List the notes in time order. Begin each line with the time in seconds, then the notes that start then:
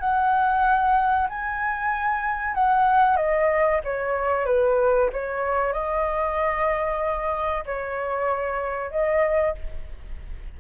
0.00 F#5
1.29 G#5
2.55 F#5
3.17 D#5
3.84 C#5
4.46 B4
5.13 C#5
5.73 D#5
7.66 C#5
8.91 D#5